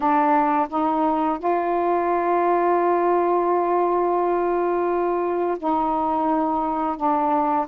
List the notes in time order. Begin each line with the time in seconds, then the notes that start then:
0.00 D4
0.69 D#4
1.39 F4
5.58 D#4
6.96 D4